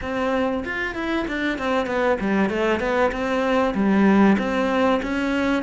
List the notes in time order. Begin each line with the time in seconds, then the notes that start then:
0.01 C4
0.64 F4
0.94 E4
1.27 D4
1.58 C4
1.86 B3
2.20 G3
2.49 A3
2.80 B3
3.11 C4
3.74 G3
4.38 C4
5.02 C#4